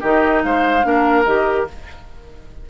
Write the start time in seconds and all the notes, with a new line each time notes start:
0.00 D#3 D#4 G4 D#5
0.43 G#3 C5 F5
0.82 A#3 D4 A#4
1.24 D#3 G4 D#5